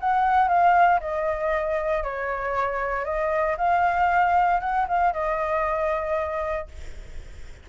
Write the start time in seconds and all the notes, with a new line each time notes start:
0.00 F#5
0.48 F5
1.00 D#5
2.03 C#5
3.05 D#5
3.57 F5
4.60 F#5
4.88 F5
5.13 D#5